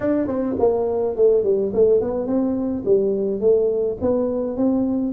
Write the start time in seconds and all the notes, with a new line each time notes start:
0.00 D4
0.27 C4
0.59 A#3
1.16 A3
1.43 G3
1.73 A3
2.01 B3
2.26 C4
2.85 G3
3.40 A3
4.01 B3
4.56 C4